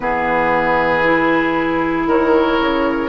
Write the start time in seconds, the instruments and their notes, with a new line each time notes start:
0.00 bassoon E3, clarinet B3, oboe G#4, flute B4
1.03 clarinet E4
2.06 bassoon D#3, oboe A#4, flute C#5
2.59 bassoon C#3